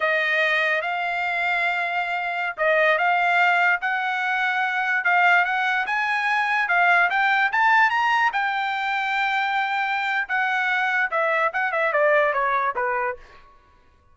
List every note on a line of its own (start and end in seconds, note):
0.00 0.81 D#5
0.81 2.56 F5
2.57 2.98 D#5
2.98 3.80 F5
3.81 5.04 F#5
5.04 5.45 F5
5.45 5.86 F#5
5.86 6.68 G#5
6.68 7.09 F5
7.10 7.51 G5
7.51 7.89 A5
7.89 8.31 A#5
8.32 10.28 G5
10.28 11.10 F#5
11.11 11.52 E5
11.53 11.72 F#5
11.72 11.92 E5
11.93 12.33 D5
12.33 12.74 C#5
12.75 13.16 B4